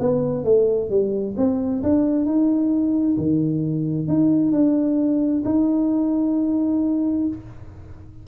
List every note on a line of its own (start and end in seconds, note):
0.00 0.44 B3
0.44 0.90 A3
0.90 1.35 G3
1.37 1.83 C4
1.83 2.25 D4
2.25 3.16 D#4
3.17 4.08 D#3
4.08 4.52 D#4
4.52 5.43 D4
5.45 7.27 D#4